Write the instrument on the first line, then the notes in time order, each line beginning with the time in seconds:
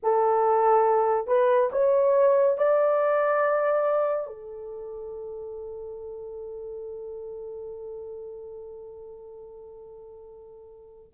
horn
0.02 A4
1.27 B4
1.72 C#5
2.57 D5
4.26 A4